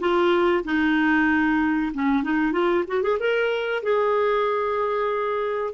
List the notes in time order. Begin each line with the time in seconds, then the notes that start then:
0.00 F4
0.64 D#4
1.94 C#4
2.23 D#4
2.52 F4
2.88 F#4
3.02 G#4
3.19 A#4
3.83 G#4